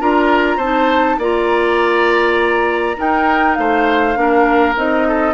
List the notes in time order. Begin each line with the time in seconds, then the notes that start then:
0.00 D4 F4 A#4 A#5
0.57 C4 D#4 C5 A5
1.18 A#3 F4 D5 A#5
2.96 D#4 A#4 G5
3.55 A3 C5 F5
4.15 A#3 D4 A#4
4.76 C4 D#4 D#5
5.08 A4